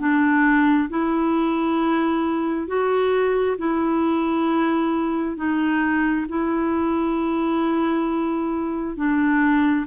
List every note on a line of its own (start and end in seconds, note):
0.00 0.90 D4
0.90 2.68 E4
2.68 3.57 F#4
3.58 5.37 E4
5.37 6.27 D#4
6.29 8.97 E4
8.97 9.86 D4